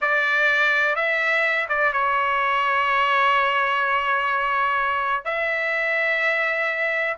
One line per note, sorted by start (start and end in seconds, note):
0.01 0.95 D5
0.95 1.67 E5
1.68 1.92 D5
1.92 5.25 C#5
5.25 7.17 E5